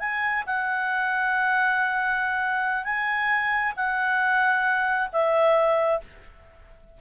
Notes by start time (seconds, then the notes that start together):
0.00 G#5
0.47 F#5
2.85 G#5
3.77 F#5
5.13 E5